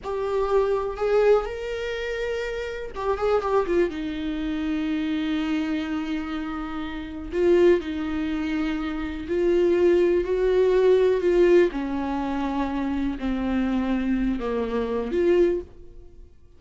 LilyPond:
\new Staff \with { instrumentName = "viola" } { \time 4/4 \tempo 4 = 123 g'2 gis'4 ais'4~ | ais'2 g'8 gis'8 g'8 f'8 | dis'1~ | dis'2. f'4 |
dis'2. f'4~ | f'4 fis'2 f'4 | cis'2. c'4~ | c'4. ais4. f'4 | }